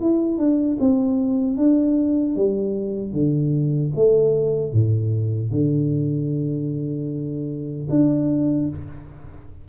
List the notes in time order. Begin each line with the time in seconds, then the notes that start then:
0.00 E4
0.38 D4
0.80 C4
1.57 D4
2.36 G3
3.13 D3
3.95 A3
4.73 A2
5.51 D3
7.90 D4